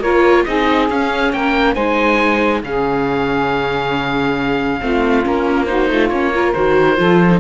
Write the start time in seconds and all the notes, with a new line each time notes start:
0.00 A#3 F4 A#4 C#5
0.44 C4 D#4 G#4 D#5
0.89 C#4 F5
1.32 A#3 A#4 G5
1.74 G#3 D#4 C5 G#5
2.63 C#3 C#4 G#4 F5
4.81 A3 C4 F4
5.22 A#3 C#4 A#4
5.66 D#4 F#4 C5
5.89 A3 F4
6.09 A#3 C#4 C#5
6.33 F4 A#4
6.53 D#3 F#4 C5
6.96 F3 F4 A4
7.30 D#4